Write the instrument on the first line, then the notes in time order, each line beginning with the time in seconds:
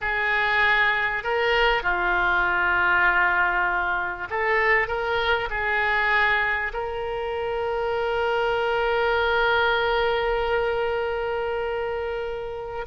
oboe
0.01 G#4
1.23 A#4
1.83 F4
4.29 A4
4.87 A#4
5.49 G#4
6.73 A#4